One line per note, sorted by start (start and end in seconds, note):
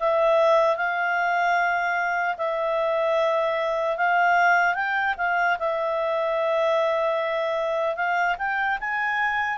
0.00 0.76 E5
0.76 2.36 F5
2.38 3.97 E5
3.97 4.75 F5
4.75 5.15 G5
5.18 5.58 F5
5.59 7.96 E5
7.96 8.36 F5
8.39 8.79 G5
8.81 9.58 G#5